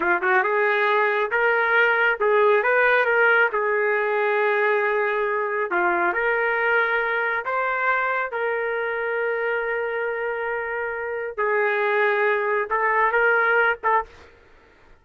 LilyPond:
\new Staff \with { instrumentName = "trumpet" } { \time 4/4 \tempo 4 = 137 f'8 fis'8 gis'2 ais'4~ | ais'4 gis'4 b'4 ais'4 | gis'1~ | gis'4 f'4 ais'2~ |
ais'4 c''2 ais'4~ | ais'1~ | ais'2 gis'2~ | gis'4 a'4 ais'4. a'8 | }